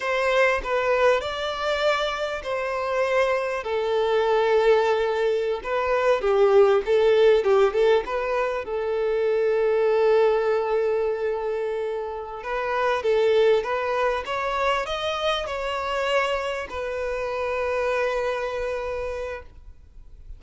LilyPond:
\new Staff \with { instrumentName = "violin" } { \time 4/4 \tempo 4 = 99 c''4 b'4 d''2 | c''2 a'2~ | a'4~ a'16 b'4 g'4 a'8.~ | a'16 g'8 a'8 b'4 a'4.~ a'16~ |
a'1~ | a'8 b'4 a'4 b'4 cis''8~ | cis''8 dis''4 cis''2 b'8~ | b'1 | }